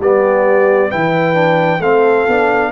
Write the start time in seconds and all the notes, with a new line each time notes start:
0.00 G3 B3 G4 D5
0.90 E3 E4 B4 G5
1.34 D4
1.80 A3 C4 A4 F5
2.28 B3 D4